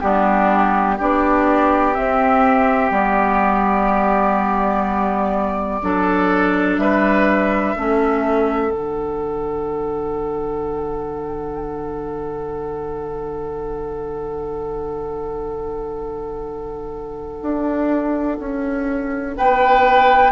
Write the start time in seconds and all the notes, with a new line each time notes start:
0.00 G3 B3 D4 G4
0.95 B3 D4 G4 D5
1.94 C4 E5
2.90 G3 B3 D5
5.82 F#3 D4 A4
6.78 G3 B4 E5
7.76 A3 C#4 A4
8.70 D3 D4 F#5
17.42 D4
18.39 C#4
19.37 B3 B4 G5